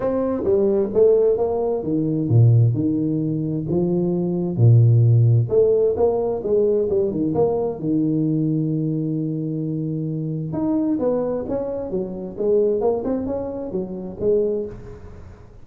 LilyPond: \new Staff \with { instrumentName = "tuba" } { \time 4/4 \tempo 4 = 131 c'4 g4 a4 ais4 | dis4 ais,4 dis2 | f2 ais,2 | a4 ais4 gis4 g8 dis8 |
ais4 dis2.~ | dis2. dis'4 | b4 cis'4 fis4 gis4 | ais8 c'8 cis'4 fis4 gis4 | }